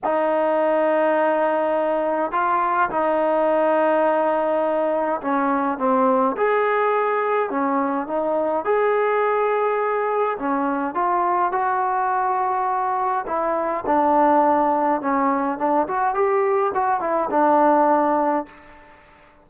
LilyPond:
\new Staff \with { instrumentName = "trombone" } { \time 4/4 \tempo 4 = 104 dis'1 | f'4 dis'2.~ | dis'4 cis'4 c'4 gis'4~ | gis'4 cis'4 dis'4 gis'4~ |
gis'2 cis'4 f'4 | fis'2. e'4 | d'2 cis'4 d'8 fis'8 | g'4 fis'8 e'8 d'2 | }